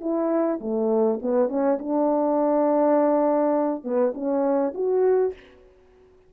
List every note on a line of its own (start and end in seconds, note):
0.00 0.59 E4
0.61 1.20 A3
1.22 1.48 B3
1.48 1.78 C#4
1.78 3.84 D4
3.84 4.13 B3
4.14 4.73 C#4
4.74 5.33 F#4